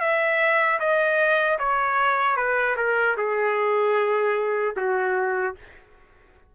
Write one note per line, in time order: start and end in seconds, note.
0.00 0.79 E5
0.79 1.58 D#5
1.59 2.36 C#5
2.36 2.76 B4
2.76 3.16 A#4
3.17 4.75 G#4
4.76 5.55 F#4